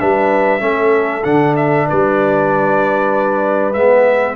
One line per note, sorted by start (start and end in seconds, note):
0.00 0.61 G3
0.00 0.60 D4
0.00 0.62 B4
0.00 1.24 E5
0.60 1.24 A3
0.60 1.23 C#4
0.60 1.87 A4
1.24 1.88 D3
1.24 3.75 D4
1.24 1.55 F#5
1.57 1.88 E5
1.87 3.75 G3
1.87 4.36 B4
1.87 3.74 D5
3.74 4.36 G#3
3.74 4.36 B3
3.74 4.36 E5